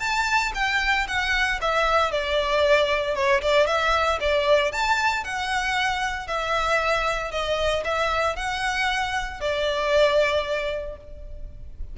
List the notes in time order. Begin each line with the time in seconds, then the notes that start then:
0.00 A5
0.55 G5
1.08 F#5
1.61 E5
2.11 D5
3.16 C#5
3.42 D5
3.67 E5
4.21 D5
4.72 A5
5.24 F#5
6.28 E5
7.32 D#5
7.85 E5
8.36 F#5
9.41 D5